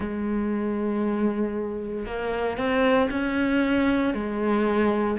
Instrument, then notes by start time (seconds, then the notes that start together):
cello
0.00 G#3
2.05 A#3
2.57 C4
3.10 C#4
4.14 G#3